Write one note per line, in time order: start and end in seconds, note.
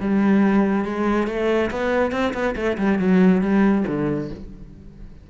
0.00 0.84 G3
0.84 1.27 G#3
1.27 1.70 A3
1.70 2.11 B3
2.11 2.33 C4
2.34 2.55 B3
2.56 2.77 A3
2.77 2.98 G3
2.98 3.41 F#3
3.41 3.84 G3
3.87 4.30 D3